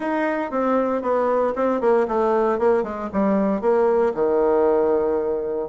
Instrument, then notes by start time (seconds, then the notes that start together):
bassoon
0.00 D#4
0.50 C4
1.01 B3
1.55 C4
1.81 A#3
2.07 A3
2.59 A#3
2.83 G#3
3.12 G3
3.61 A#3
4.14 D#3